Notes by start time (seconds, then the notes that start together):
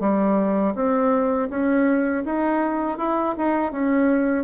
0.00 G3
0.75 C4
1.50 C#4
2.25 D#4
2.98 E4
3.37 D#4
3.72 C#4